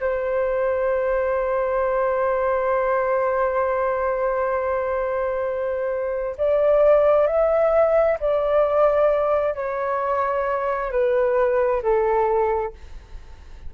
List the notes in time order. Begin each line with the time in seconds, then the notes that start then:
0.00 C5
6.38 D5
7.27 E5
8.20 D5
9.55 C#5
10.91 B4
11.83 A4